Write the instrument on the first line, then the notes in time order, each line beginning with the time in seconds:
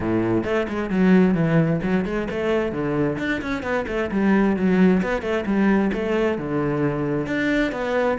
cello
0.00 A2
0.44 A3
0.68 G#3
0.90 F#3
1.34 E3
1.82 F#3
2.05 G#3
2.30 A3
2.72 D3
3.18 D4
3.41 C#4
3.62 B3
3.87 A3
4.11 G3
4.56 F#3
5.02 B3
5.21 A3
5.45 G3
5.93 A3
6.38 D3
7.26 D4
7.71 B3